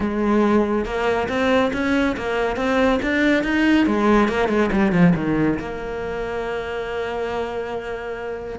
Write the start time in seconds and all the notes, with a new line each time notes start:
0.00 G#3
0.85 A#3
1.28 C4
1.73 C#4
2.16 A#3
2.56 C4
3.02 D4
3.43 D#4
3.86 G#3
4.28 A#3
4.48 G#3
4.72 G3
4.91 F3
5.15 D#3
5.59 A#3